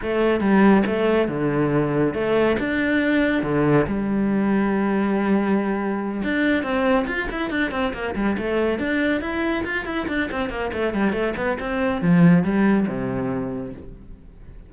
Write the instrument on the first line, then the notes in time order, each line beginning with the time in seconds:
cello
0.02 A3
0.40 G3
0.86 A3
1.28 D3
2.14 A3
2.59 D4
3.43 D3
3.86 G3
6.23 D4
6.63 C4
7.07 F4
7.31 E4
7.50 D4
7.71 C4
7.93 A#3
8.15 G3
8.37 A3
8.79 D4
9.21 E4
9.64 F4
9.85 E4
10.08 D4
10.31 C4
10.49 A#3
10.72 A3
10.93 G3
11.12 A3
11.36 B3
11.59 C4
12.01 F3
12.43 G3
12.87 C3